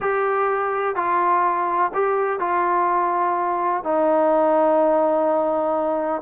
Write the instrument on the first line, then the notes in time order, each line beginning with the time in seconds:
trombone
0.00 G4
0.95 F4
1.94 G4
2.39 F4
3.83 D#4